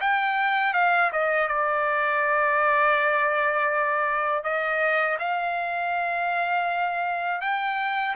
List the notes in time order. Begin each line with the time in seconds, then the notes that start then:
0.00 G5
0.73 F5
1.12 D#5
1.47 D5
4.43 D#5
5.19 F5
7.41 G5